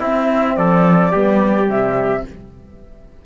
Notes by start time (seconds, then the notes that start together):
0.00 C4 E4 E5
0.56 F3 A4 D5
1.12 G3 B3 G4
1.67 C3 G3 E5